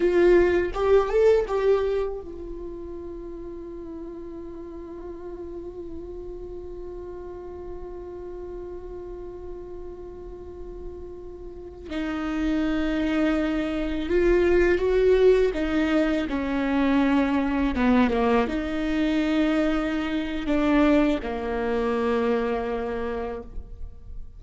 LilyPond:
\new Staff \with { instrumentName = "viola" } { \time 4/4 \tempo 4 = 82 f'4 g'8 a'8 g'4 f'4~ | f'1~ | f'1~ | f'1~ |
f'16 dis'2. f'8.~ | f'16 fis'4 dis'4 cis'4.~ cis'16~ | cis'16 b8 ais8 dis'2~ dis'8. | d'4 ais2. | }